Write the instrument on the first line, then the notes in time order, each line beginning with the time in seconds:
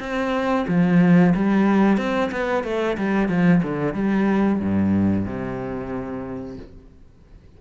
cello
0.00 C4
0.68 F3
1.35 G3
1.98 C4
2.31 B3
2.64 A3
2.98 G3
3.29 F3
3.63 D3
3.94 G3
4.60 G2
5.25 C3